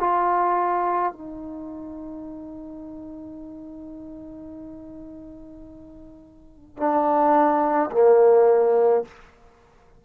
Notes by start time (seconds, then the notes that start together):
0.00 F4
1.12 D#4
6.77 D4
7.91 A#3